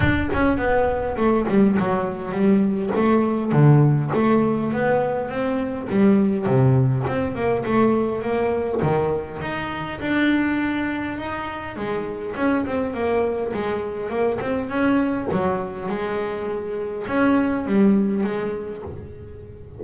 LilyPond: \new Staff \with { instrumentName = "double bass" } { \time 4/4 \tempo 4 = 102 d'8 cis'8 b4 a8 g8 fis4 | g4 a4 d4 a4 | b4 c'4 g4 c4 | c'8 ais8 a4 ais4 dis4 |
dis'4 d'2 dis'4 | gis4 cis'8 c'8 ais4 gis4 | ais8 c'8 cis'4 fis4 gis4~ | gis4 cis'4 g4 gis4 | }